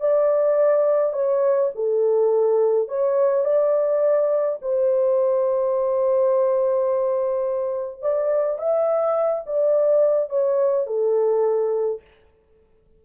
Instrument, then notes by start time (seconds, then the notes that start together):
horn
0.00 D5
1.13 C#5
1.75 A4
2.88 C#5
3.44 D5
4.61 C5
8.01 D5
8.58 E5
9.46 D5
10.29 C#5
10.86 A4